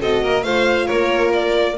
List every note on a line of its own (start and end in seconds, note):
0.00 0.23 C4
0.00 0.43 F#4
0.00 0.22 A4
0.00 0.43 D#5
0.22 0.44 A#3
0.22 0.44 A#4
0.43 0.88 A3
0.43 1.77 F4
0.43 0.85 C5
0.43 0.87 F5
0.85 1.77 A#3
0.85 1.74 A#4
0.85 1.31 C#5
1.32 1.77 D5